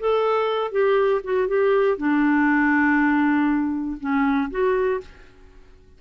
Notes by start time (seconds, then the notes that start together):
0.00 A4
0.72 G4
1.24 F#4
1.48 G4
1.98 D4
4.00 C#4
4.51 F#4